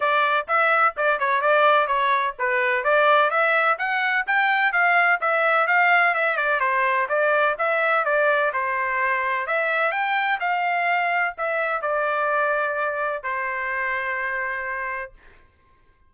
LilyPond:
\new Staff \with { instrumentName = "trumpet" } { \time 4/4 \tempo 4 = 127 d''4 e''4 d''8 cis''8 d''4 | cis''4 b'4 d''4 e''4 | fis''4 g''4 f''4 e''4 | f''4 e''8 d''8 c''4 d''4 |
e''4 d''4 c''2 | e''4 g''4 f''2 | e''4 d''2. | c''1 | }